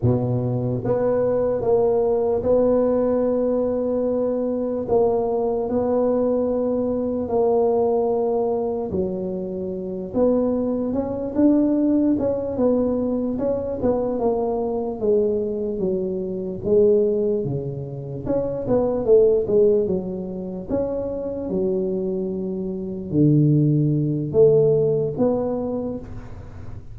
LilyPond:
\new Staff \with { instrumentName = "tuba" } { \time 4/4 \tempo 4 = 74 b,4 b4 ais4 b4~ | b2 ais4 b4~ | b4 ais2 fis4~ | fis8 b4 cis'8 d'4 cis'8 b8~ |
b8 cis'8 b8 ais4 gis4 fis8~ | fis8 gis4 cis4 cis'8 b8 a8 | gis8 fis4 cis'4 fis4.~ | fis8 d4. a4 b4 | }